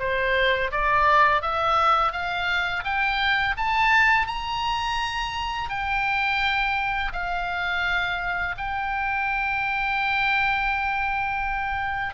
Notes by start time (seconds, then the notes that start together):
0.00 C5
0.72 D5
1.43 E5
2.13 F5
2.85 G5
3.58 A5
4.28 A#5
5.70 G5
7.13 F5
8.58 G5